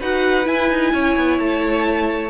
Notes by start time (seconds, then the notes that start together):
0.00 D#4 F#4 B4 F#5
0.44 E4 G#5
0.70 D#4
0.93 C#4 C#5
1.17 B3
1.39 A3 A5